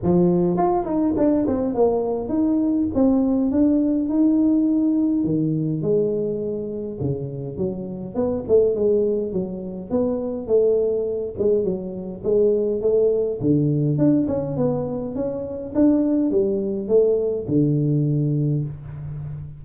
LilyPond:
\new Staff \with { instrumentName = "tuba" } { \time 4/4 \tempo 4 = 103 f4 f'8 dis'8 d'8 c'8 ais4 | dis'4 c'4 d'4 dis'4~ | dis'4 dis4 gis2 | cis4 fis4 b8 a8 gis4 |
fis4 b4 a4. gis8 | fis4 gis4 a4 d4 | d'8 cis'8 b4 cis'4 d'4 | g4 a4 d2 | }